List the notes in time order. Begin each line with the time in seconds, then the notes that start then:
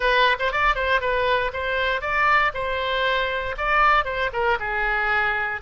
0.00 B4
0.39 C5
0.52 D5
0.75 C5
1.00 B4
1.53 C5
2.01 D5
2.54 C5
3.57 D5
4.04 C5
4.32 A#4
4.59 G#4